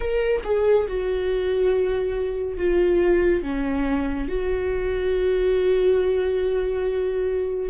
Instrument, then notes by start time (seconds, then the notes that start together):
viola
0.00 A#4
0.44 G#4
0.87 F#4
2.57 F4
3.42 C#4
4.28 F#4